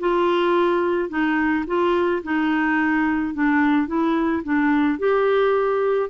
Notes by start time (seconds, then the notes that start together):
0.00 F4
1.10 D#4
1.67 F4
2.23 D#4
3.34 D4
3.87 E4
4.44 D4
4.99 G4